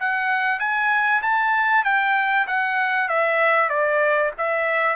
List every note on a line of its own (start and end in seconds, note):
0.00 0.60 F#5
0.60 1.22 G#5
1.23 1.85 A5
1.85 2.47 G5
2.47 3.09 F#5
3.09 3.70 E5
3.70 4.32 D5
4.38 4.97 E5